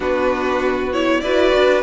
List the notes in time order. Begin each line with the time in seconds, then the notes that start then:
0.00 B3 D4 F#4 B4
0.92 E4 C#5
1.20 E4 F#4 B4 D5
1.55 D4